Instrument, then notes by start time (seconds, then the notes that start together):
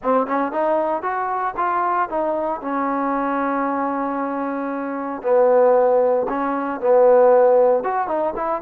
trombone
0.02 C4
0.26 C#4
0.52 D#4
1.02 F#4
1.57 F4
2.09 D#4
2.61 C#4
5.22 B3
6.28 C#4
6.80 B3
7.83 F#4
8.07 D#4
8.36 E4